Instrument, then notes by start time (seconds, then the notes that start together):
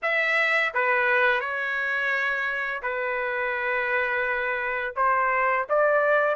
trumpet
0.02 E5
0.74 B4
1.40 C#5
2.82 B4
4.96 C5
5.69 D5